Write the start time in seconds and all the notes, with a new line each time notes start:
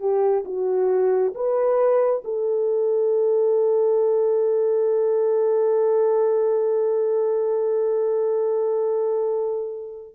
0.00 G4
0.45 F#4
1.35 B4
2.25 A4